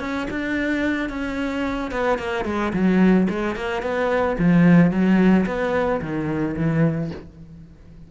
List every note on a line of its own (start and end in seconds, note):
0.00 0.27 C#4
0.31 1.10 D4
1.10 1.91 C#4
1.92 2.19 B3
2.19 2.45 A#3
2.45 2.72 G#3
2.73 3.28 F#3
3.30 3.56 G#3
3.56 3.83 A#3
3.83 4.37 B3
4.39 4.91 F3
4.91 5.46 F#3
5.46 6.01 B3
6.01 6.56 D#3
6.57 7.11 E3